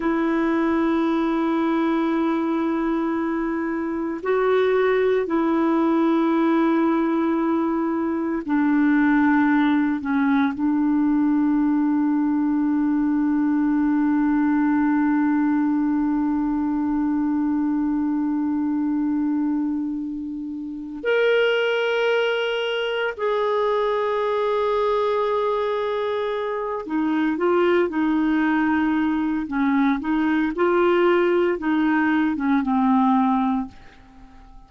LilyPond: \new Staff \with { instrumentName = "clarinet" } { \time 4/4 \tempo 4 = 57 e'1 | fis'4 e'2. | d'4. cis'8 d'2~ | d'1~ |
d'1 | ais'2 gis'2~ | gis'4. dis'8 f'8 dis'4. | cis'8 dis'8 f'4 dis'8. cis'16 c'4 | }